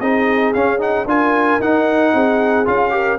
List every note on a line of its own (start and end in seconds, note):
0.00 0.53 C4
0.00 0.55 D#4
0.00 1.07 G#4
0.00 0.53 D#5
0.54 1.05 C#4
0.54 0.78 C#4
0.54 0.80 F5
0.78 1.05 D#4
0.78 1.08 F#5
1.05 1.59 D4
1.05 1.60 F4
1.05 2.14 A#4
1.05 1.61 G#5
1.60 2.13 D#4
1.60 2.65 D#4
1.60 2.67 F#5
2.13 2.66 C4
2.13 2.94 G#4
2.65 3.19 C#4
2.65 2.90 F4
2.65 3.19 F5
2.90 3.17 G4
2.90 3.19 A#4